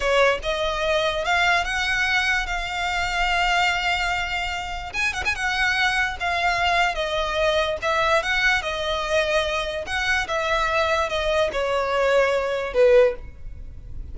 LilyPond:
\new Staff \with { instrumentName = "violin" } { \time 4/4 \tempo 4 = 146 cis''4 dis''2 f''4 | fis''2 f''2~ | f''1 | gis''8 fis''16 gis''16 fis''2 f''4~ |
f''4 dis''2 e''4 | fis''4 dis''2. | fis''4 e''2 dis''4 | cis''2. b'4 | }